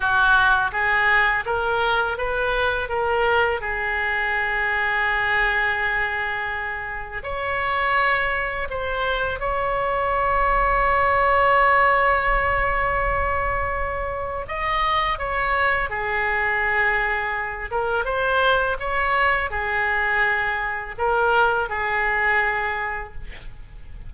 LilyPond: \new Staff \with { instrumentName = "oboe" } { \time 4/4 \tempo 4 = 83 fis'4 gis'4 ais'4 b'4 | ais'4 gis'2.~ | gis'2 cis''2 | c''4 cis''2.~ |
cis''1 | dis''4 cis''4 gis'2~ | gis'8 ais'8 c''4 cis''4 gis'4~ | gis'4 ais'4 gis'2 | }